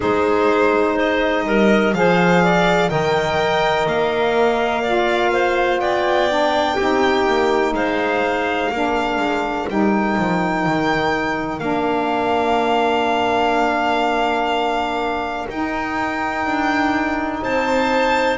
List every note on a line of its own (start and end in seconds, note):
0.00 1.46 G#3
0.00 1.93 D#4
0.00 0.94 G#4
0.00 0.98 C5
0.94 1.43 C5
0.94 1.94 D#5
1.46 1.93 G3
1.46 1.95 A#4
1.93 2.89 F3
1.93 2.89 G#4
1.93 2.43 C5
1.93 2.89 F5
2.43 2.90 D5
2.89 3.86 D#3
2.89 4.83 A#4
2.89 4.82 D#5
2.89 3.86 G5
3.86 5.79 A#3
3.86 5.79 F5
4.82 6.29 F4
4.82 5.30 D5
5.32 5.81 C5
5.79 6.76 B3
5.79 6.75 D5
5.79 7.73 G5
6.29 6.77 D4
6.75 7.27 C4
6.75 8.71 D#4
6.75 7.71 G4
7.27 7.73 A#3
7.73 8.70 G#3
7.73 8.70 C5
7.73 9.68 F5
8.70 9.17 A#3
8.70 9.68 D4
8.70 17.41 A#4
9.17 9.65 G#3
9.68 10.16 G3
9.68 11.59 D#4
9.68 11.59 G5
10.17 10.66 F3
10.66 11.59 D#3
11.59 15.46 A#3
11.59 15.46 D4
11.59 15.46 F5
15.49 16.45 D#4
15.49 18.37 D#4
15.49 17.43 G5
16.45 17.42 D4
17.42 18.37 C4
17.42 18.37 C5
17.42 18.37 A5